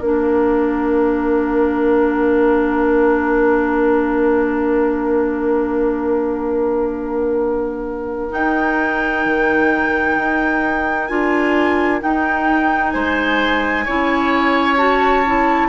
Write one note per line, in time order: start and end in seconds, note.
0.00 8.31 A#3
0.00 8.30 D4
0.00 12.92 A#4
0.00 8.32 F5
8.30 11.07 D#4
8.30 9.25 D#4
8.30 11.07 G5
9.25 10.17 D#3
10.17 11.09 D#4
11.07 12.02 D4
11.07 12.01 F4
11.07 11.99 G#5
12.01 13.85 D#4
12.01 12.94 D#4
12.01 12.90 G5
12.90 13.87 G#3
12.90 13.85 C5
12.90 14.75 G#5
13.85 15.68 C#4
13.85 14.77 E4
13.85 15.68 C#5
14.77 15.23 F#4
14.77 15.68 A5
15.26 15.68 E4